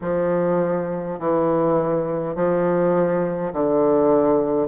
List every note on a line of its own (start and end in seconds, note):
0.01 1.19 F3
1.19 2.35 E3
2.35 3.52 F3
3.53 4.67 D3